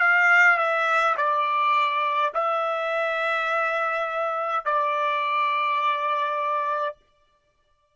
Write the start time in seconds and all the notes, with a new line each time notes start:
0.00 F5
0.58 E5
1.17 D5
2.34 E5
4.65 D5